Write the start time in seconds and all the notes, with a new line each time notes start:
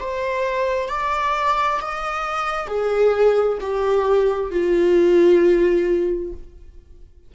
0.00 C5
0.89 D5
1.81 D#5
2.68 G#4
3.61 G4
4.51 F4